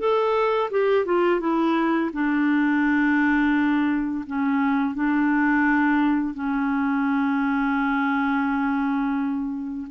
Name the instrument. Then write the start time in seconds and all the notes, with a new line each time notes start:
clarinet
0.00 A4
0.71 G4
1.06 F4
1.41 E4
2.13 D4
4.27 C#4
4.95 D4
6.35 C#4